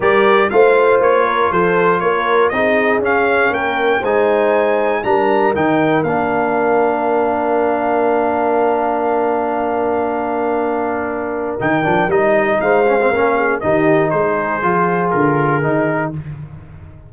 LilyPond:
<<
  \new Staff \with { instrumentName = "trumpet" } { \time 4/4 \tempo 4 = 119 d''4 f''4 cis''4 c''4 | cis''4 dis''4 f''4 g''4 | gis''2 ais''4 g''4 | f''1~ |
f''1~ | f''2. g''4 | dis''4 f''2 dis''4 | c''2 ais'2 | }
  \new Staff \with { instrumentName = "horn" } { \time 4/4 ais'4 c''4. ais'8 a'4 | ais'4 gis'2 ais'4 | c''2 ais'2~ | ais'1~ |
ais'1~ | ais'1~ | ais'4 c''4 ais'8 gis'8 g'4 | gis'1 | }
  \new Staff \with { instrumentName = "trombone" } { \time 4/4 g'4 f'2.~ | f'4 dis'4 cis'2 | dis'2 d'4 dis'4 | d'1~ |
d'1~ | d'2. dis'8 d'8 | dis'4. cis'16 c'16 cis'4 dis'4~ | dis'4 f'2 dis'4 | }
  \new Staff \with { instrumentName = "tuba" } { \time 4/4 g4 a4 ais4 f4 | ais4 c'4 cis'4 ais4 | gis2 g4 dis4 | ais1~ |
ais1~ | ais2. dis8 f8 | g4 gis4 ais4 dis4 | gis4 f4 d4 dis4 | }
>>